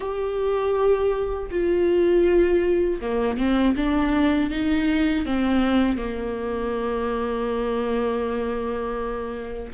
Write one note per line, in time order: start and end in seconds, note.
0.00 1.50 G4
1.50 3.00 F4
3.00 3.37 A#3
3.37 3.75 C4
3.76 4.50 D4
4.50 5.25 D#4
5.25 5.97 C4
5.97 9.72 A#3